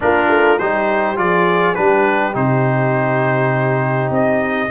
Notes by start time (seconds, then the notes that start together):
0.00 A#3 D4 F4 A#4
0.29 A3
0.58 G3 D#4 G4 C5
1.15 F3 F4 G#4 D5
1.74 G3 D4 G4 B4
2.33 C3 D#4 C5
4.09 C4 D#5